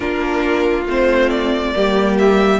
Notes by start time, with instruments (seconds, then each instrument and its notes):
0.00 cello A#3, viola D4, violin F4 A#4
0.86 cello A3, viola C4, violin C5
1.29 violin D5
1.74 cello G3, viola A#3, violin G4
2.18 violin E5